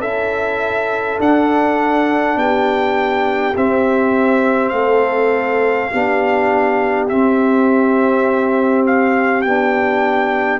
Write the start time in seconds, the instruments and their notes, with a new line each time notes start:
0.00 tuba C#4, trombone E4, horn A4, trumpet E5
1.19 tuba D4, trombone D4, trumpet F#5
2.36 tuba B3, horn G4, trumpet G5
3.56 trombone C4, tuba C4, trumpet E5
4.69 tuba A3, horn A4, trumpet F5
5.90 tuba B3, trombone D4, horn G4
7.09 trombone C4, tuba C4, trumpet E5
8.87 trumpet F5
9.42 tuba B3, trombone D4, trumpet G5